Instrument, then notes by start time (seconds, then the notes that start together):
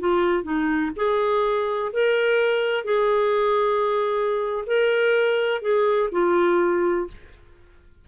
clarinet
0.00 F4
0.44 D#4
0.97 G#4
1.93 A#4
2.85 G#4
4.67 A#4
5.62 G#4
6.12 F4